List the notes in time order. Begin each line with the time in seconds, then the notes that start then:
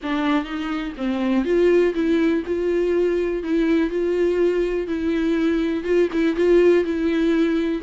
0.02 D4
0.44 D#4
0.97 C4
1.44 F4
1.94 E4
2.46 F4
3.43 E4
3.90 F4
4.87 E4
5.84 F4
6.12 E4
6.35 F4
6.84 E4